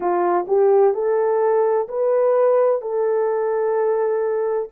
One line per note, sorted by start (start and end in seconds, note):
0.00 0.45 F4
0.47 0.94 G4
0.94 1.87 A4
1.88 2.81 B4
2.81 4.69 A4